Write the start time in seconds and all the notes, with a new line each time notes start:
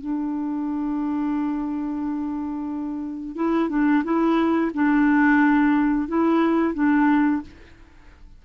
0.00 D4
3.35 E4
3.69 D4
4.04 E4
4.74 D4
6.08 E4
6.74 D4